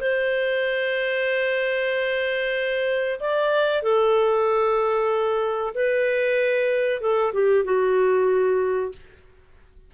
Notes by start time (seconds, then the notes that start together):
0.00 C5
3.20 D5
3.82 A4
5.74 B4
7.01 A4
7.33 G4
7.64 F#4